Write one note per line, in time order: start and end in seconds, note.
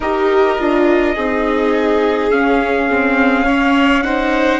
0.00 0.58 D#4
0.00 0.58 G4
0.00 1.14 A#4
0.00 2.31 D#5
0.58 1.16 D4
0.58 1.16 F4
1.14 2.31 C4
1.14 2.30 D#4
1.14 3.45 G#4
2.30 2.88 C#4
2.30 4.60 C#4
2.30 4.03 F5
2.89 3.46 C4
3.45 4.04 C#4
3.45 4.03 C#5
4.03 4.60 D#4
4.03 4.60 C5
4.03 4.60 F#5